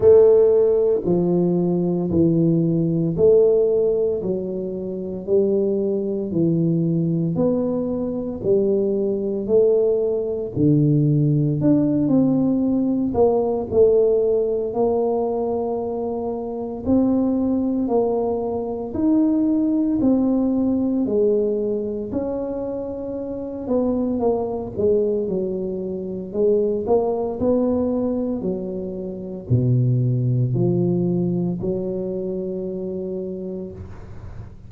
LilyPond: \new Staff \with { instrumentName = "tuba" } { \time 4/4 \tempo 4 = 57 a4 f4 e4 a4 | fis4 g4 e4 b4 | g4 a4 d4 d'8 c'8~ | c'8 ais8 a4 ais2 |
c'4 ais4 dis'4 c'4 | gis4 cis'4. b8 ais8 gis8 | fis4 gis8 ais8 b4 fis4 | b,4 f4 fis2 | }